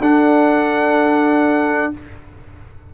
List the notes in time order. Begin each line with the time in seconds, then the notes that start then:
0.00 D4 A4 F#5